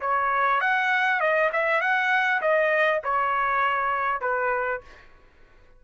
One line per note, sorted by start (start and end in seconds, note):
0.00 0.60 C#5
0.60 1.20 F#5
1.20 1.50 D#5
1.52 1.81 E5
1.81 2.41 F#5
2.41 3.01 D#5
3.04 4.21 C#5
4.21 4.81 B4